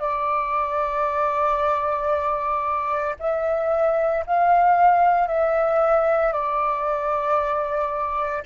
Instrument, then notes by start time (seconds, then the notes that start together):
flute
0.00 D5
3.20 E5
4.26 F5
5.28 E5
6.33 D5